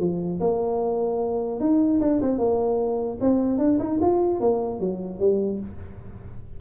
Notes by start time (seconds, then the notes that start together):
0.00 F3
0.41 A#3
1.61 D#4
2.01 D4
2.22 C4
2.39 A#3
3.21 C4
3.59 D4
3.79 D#4
4.02 F4
4.41 A#3
4.80 F#3
5.20 G3